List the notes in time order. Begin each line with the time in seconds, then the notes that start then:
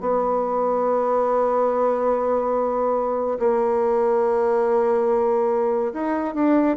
0.00 B3
3.39 A#3
5.93 D#4
6.34 D4